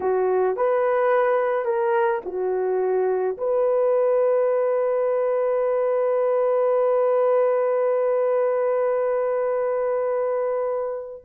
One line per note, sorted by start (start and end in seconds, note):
0.00 0.56 F#4
0.56 1.65 B4
1.65 2.21 A#4
2.25 3.37 F#4
3.37 11.22 B4